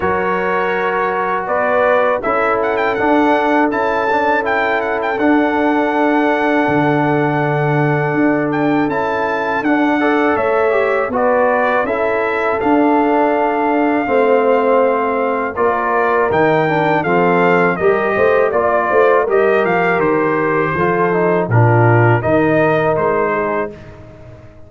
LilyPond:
<<
  \new Staff \with { instrumentName = "trumpet" } { \time 4/4 \tempo 4 = 81 cis''2 d''4 e''8 fis''16 g''16 | fis''4 a''4 g''8 fis''16 g''16 fis''4~ | fis''2.~ fis''8 g''8 | a''4 fis''4 e''4 d''4 |
e''4 f''2.~ | f''4 d''4 g''4 f''4 | dis''4 d''4 dis''8 f''8 c''4~ | c''4 ais'4 dis''4 c''4 | }
  \new Staff \with { instrumentName = "horn" } { \time 4/4 ais'2 b'4 a'4~ | a'1~ | a'1~ | a'4. d''8 cis''4 b'4 |
a'2. c''4~ | c''4 ais'2 a'4 | ais'8 c''8 d''8 c''8 ais'2 | a'4 f'4 ais'4. gis'8 | }
  \new Staff \with { instrumentName = "trombone" } { \time 4/4 fis'2. e'4 | d'4 e'8 d'8 e'4 d'4~ | d'1 | e'4 d'8 a'4 g'8 fis'4 |
e'4 d'2 c'4~ | c'4 f'4 dis'8 d'8 c'4 | g'4 f'4 g'2 | f'8 dis'8 d'4 dis'2 | }
  \new Staff \with { instrumentName = "tuba" } { \time 4/4 fis2 b4 cis'4 | d'4 cis'2 d'4~ | d'4 d2 d'4 | cis'4 d'4 a4 b4 |
cis'4 d'2 a4~ | a4 ais4 dis4 f4 | g8 a8 ais8 a8 g8 f8 dis4 | f4 ais,4 dis4 gis4 | }
>>